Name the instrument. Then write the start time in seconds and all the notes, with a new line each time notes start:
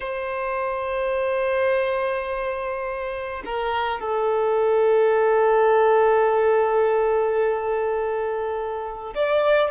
violin
0.00 C5
3.45 A#4
3.99 A4
9.14 D5